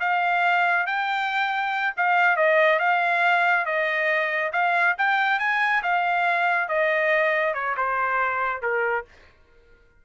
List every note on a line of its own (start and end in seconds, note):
0.00 0.86 F5
0.86 1.94 G5
1.96 2.36 F5
2.36 2.79 D#5
2.79 3.65 F5
3.65 4.51 D#5
4.52 4.95 F5
4.98 5.39 G5
5.39 5.82 G#5
5.83 6.68 F5
6.68 7.54 D#5
7.54 7.75 C#5
7.76 8.62 C5
8.62 9.05 A#4